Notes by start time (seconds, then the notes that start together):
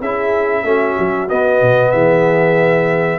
0.00 C#4 E4 G#4 E5
0.64 A3 C#4 F#4
0.99 F#3
1.29 B3 D#5
1.61 B2
1.91 E3 G#4 E5